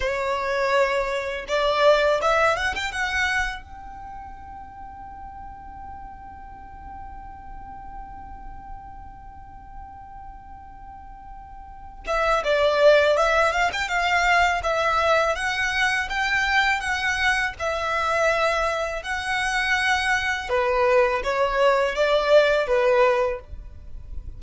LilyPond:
\new Staff \with { instrumentName = "violin" } { \time 4/4 \tempo 4 = 82 cis''2 d''4 e''8 fis''16 g''16 | fis''4 g''2.~ | g''1~ | g''1~ |
g''8 e''8 d''4 e''8 f''16 g''16 f''4 | e''4 fis''4 g''4 fis''4 | e''2 fis''2 | b'4 cis''4 d''4 b'4 | }